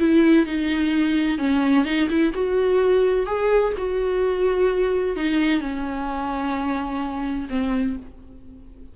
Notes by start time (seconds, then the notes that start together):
0.00 E4
0.47 D#4
1.38 C#4
1.85 D#4
2.10 E4
2.34 F#4
3.26 G#4
3.78 F#4
5.16 D#4
5.61 C#4
7.50 C4